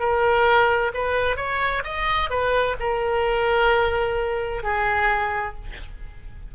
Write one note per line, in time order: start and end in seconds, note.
0.00 0.92 A#4
0.94 1.37 B4
1.37 1.83 C#5
1.85 2.30 D#5
2.30 2.77 B4
2.80 4.64 A#4
4.64 5.56 G#4